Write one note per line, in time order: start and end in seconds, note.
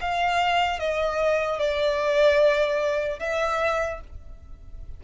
0.00 0.79 F5
0.79 1.58 D#5
1.58 3.19 D5
3.19 4.00 E5